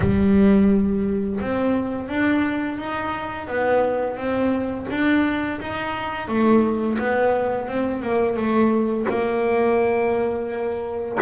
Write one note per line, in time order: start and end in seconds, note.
0.00 1.39 G3
1.40 2.08 C4
2.08 2.78 D4
2.78 3.47 D#4
3.47 4.16 B3
4.16 4.86 C4
4.90 5.60 D4
5.60 6.28 D#4
6.28 6.98 A3
6.98 7.68 B3
7.68 8.02 C4
8.02 8.36 A#3
8.36 9.06 A3
9.08 11.18 A#3